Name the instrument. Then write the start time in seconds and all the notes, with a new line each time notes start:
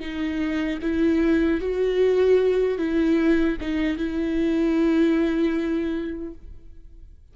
viola
0.00 D#4
0.82 E4
1.61 F#4
2.78 E4
3.61 D#4
3.97 E4